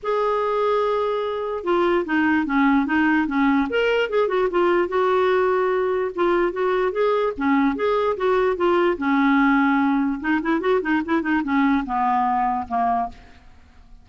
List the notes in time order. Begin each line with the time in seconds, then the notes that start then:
0.03 G#4
1.64 F4
2.05 D#4
2.46 C#4
2.86 D#4
3.27 C#4
3.69 A#4
4.09 G#4
4.28 F#4
4.50 F4
4.88 F#4
6.15 F4
6.52 F#4
6.92 G#4
7.37 C#4
7.75 G#4
8.17 F#4
8.56 F4
8.97 C#4
10.20 D#4
10.42 E4
10.60 F#4
10.81 D#4
11.05 E4
11.22 D#4
11.43 C#4
11.85 B3
12.67 A#3